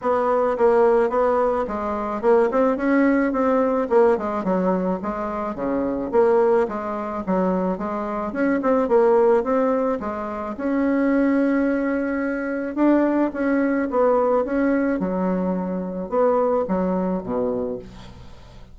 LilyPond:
\new Staff \with { instrumentName = "bassoon" } { \time 4/4 \tempo 4 = 108 b4 ais4 b4 gis4 | ais8 c'8 cis'4 c'4 ais8 gis8 | fis4 gis4 cis4 ais4 | gis4 fis4 gis4 cis'8 c'8 |
ais4 c'4 gis4 cis'4~ | cis'2. d'4 | cis'4 b4 cis'4 fis4~ | fis4 b4 fis4 b,4 | }